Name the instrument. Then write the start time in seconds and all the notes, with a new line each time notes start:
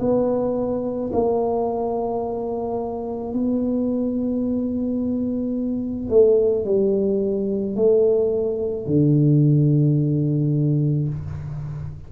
tuba
0.00 B3
1.13 A#3
3.33 B3
6.10 A3
6.65 G3
7.76 A3
8.87 D3